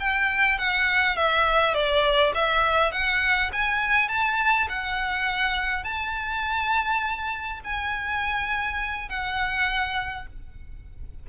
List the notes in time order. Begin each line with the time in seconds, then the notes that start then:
0.00 G5
0.59 F#5
1.16 E5
1.74 D5
2.35 E5
2.92 F#5
3.53 G#5
4.09 A5
4.69 F#5
5.84 A5
7.64 G#5
9.09 F#5